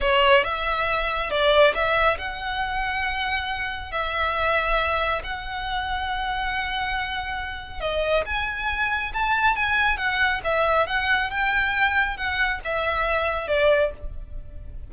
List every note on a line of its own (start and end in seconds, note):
0.01 0.43 C#5
0.43 1.30 E5
1.30 1.74 D5
1.74 2.17 E5
2.17 3.91 F#5
3.91 5.22 E5
5.23 7.80 F#5
7.80 8.24 D#5
8.25 9.12 G#5
9.13 9.56 A5
9.56 9.97 G#5
9.97 10.40 F#5
10.44 10.86 E5
10.86 11.30 F#5
11.30 12.16 G5
12.16 12.60 F#5
12.64 13.47 E5
13.47 13.91 D5